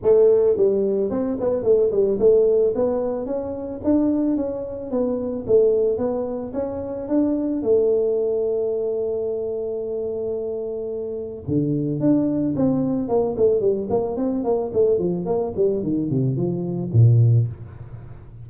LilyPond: \new Staff \with { instrumentName = "tuba" } { \time 4/4 \tempo 4 = 110 a4 g4 c'8 b8 a8 g8 | a4 b4 cis'4 d'4 | cis'4 b4 a4 b4 | cis'4 d'4 a2~ |
a1~ | a4 d4 d'4 c'4 | ais8 a8 g8 ais8 c'8 ais8 a8 f8 | ais8 g8 dis8 c8 f4 ais,4 | }